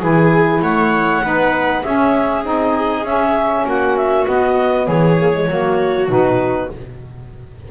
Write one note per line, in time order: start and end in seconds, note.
0.00 0.62 E3
0.00 1.22 E4
0.00 0.61 G#4
0.00 0.63 G#5
0.62 1.22 A3
0.62 1.23 C#5
0.62 1.84 F#5
1.23 1.84 B3
1.23 1.84 D#4
1.23 1.83 B4
1.83 2.44 C#4
1.83 2.45 C#4
1.83 3.65 G#4
1.83 2.44 E5
2.44 3.03 C4
2.44 3.04 D#4
2.44 3.06 D#5
3.03 3.64 C#4
3.03 4.26 C#4
3.03 3.67 E5
3.65 4.26 A#3
3.65 4.86 F#4
3.65 3.97 F#5
3.97 4.27 E5
4.26 5.16 B3
4.26 4.88 B3
4.26 4.87 D#5
4.86 5.48 E3
4.86 5.47 G#4
4.86 6.08 C#5
5.18 5.33 A#3
5.33 5.49 G#3
5.49 6.09 F#3
5.49 6.09 A#3
5.49 6.71 F#4
6.09 6.69 B2
6.09 6.70 D#4
6.09 6.71 B4